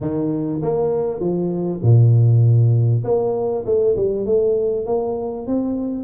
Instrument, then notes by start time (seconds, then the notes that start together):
tuba
0.00 D#3
0.61 A#3
1.20 F3
1.82 A#2
3.04 A#3
3.65 A3
3.96 G3
4.25 A3
4.86 A#3
5.47 C4